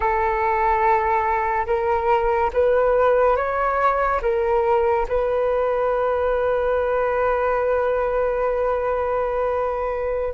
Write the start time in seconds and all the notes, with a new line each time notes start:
0.00 A4
1.66 A#4
2.53 B4
3.36 C#5
4.21 A#4
5.08 B4